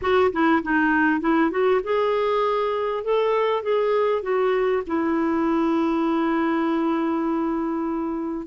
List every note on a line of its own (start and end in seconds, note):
0.01 0.31 F#4
0.32 0.62 E4
0.63 1.20 D#4
1.20 1.50 E4
1.50 1.80 F#4
1.83 3.04 G#4
3.04 3.63 A4
3.63 4.22 G#4
4.22 4.83 F#4
4.86 8.47 E4